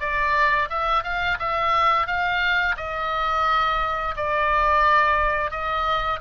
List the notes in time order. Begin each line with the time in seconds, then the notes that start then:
0.00 D5
0.70 E5
1.03 F5
1.39 E5
2.07 F5
2.77 D#5
4.16 D5
5.51 D#5